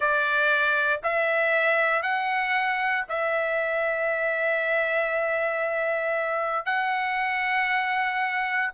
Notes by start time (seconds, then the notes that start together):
0.00 D5
1.03 E5
2.02 F#5
3.08 E5
6.65 F#5